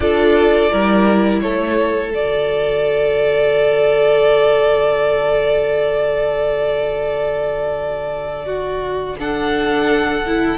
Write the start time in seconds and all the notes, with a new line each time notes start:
0.00 D4 F4 A4 D5
0.71 G3 E4 A#4
1.40 A3 A4 C#5
2.11 D3 F#4 D5
8.45 F#4
9.19 D4 A4 F#5
10.26 E4